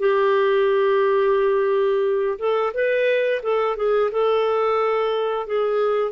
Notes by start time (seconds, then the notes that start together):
0.00 G4
2.39 A4
2.74 B4
3.43 A4
3.77 G#4
4.12 A4
5.47 G#4